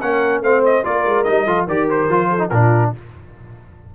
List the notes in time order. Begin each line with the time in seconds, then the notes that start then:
0.00 A#3 C#4 A#4 F#5
0.41 A3 C4 C5 F5
0.65 D#5
0.84 A#3 F4 A#4 D5
1.05 G#3
1.24 G3 D#4 D#5
1.45 F3 F4 A4
1.67 D#3 G4 A#4 D5
1.90 C5
2.09 F3 F4
2.30 A4
2.38 D#4
2.49 A#2 D4 F4 A#4